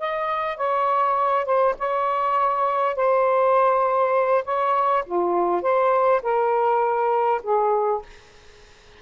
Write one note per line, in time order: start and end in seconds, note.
0.00 0.57 D#5
0.57 1.46 C#5
1.46 1.75 C5
1.79 2.96 C#5
2.96 4.44 C5
4.45 5.04 C#5
5.06 5.62 F4
5.62 6.22 C5
6.23 7.41 A#4
7.43 8.03 G#4